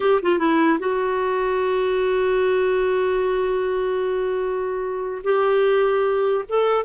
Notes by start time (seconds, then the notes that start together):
0.00 G4
0.22 F4
0.38 E4
0.79 F#4
5.23 G4
6.49 A4